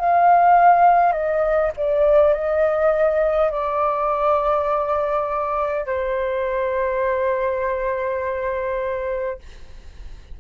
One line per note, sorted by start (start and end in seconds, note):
0.00 1.13 F5
1.13 1.72 D#5
1.77 2.34 D5
2.34 3.51 D#5
3.51 5.87 D5
5.87 9.40 C5